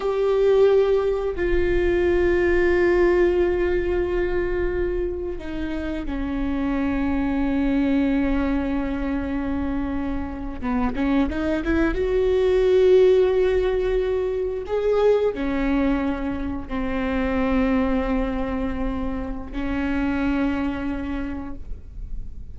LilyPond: \new Staff \with { instrumentName = "viola" } { \time 4/4 \tempo 4 = 89 g'2 f'2~ | f'1 | dis'4 cis'2.~ | cis'2.~ cis'8. b16~ |
b16 cis'8 dis'8 e'8 fis'2~ fis'16~ | fis'4.~ fis'16 gis'4 cis'4~ cis'16~ | cis'8. c'2.~ c'16~ | c'4 cis'2. | }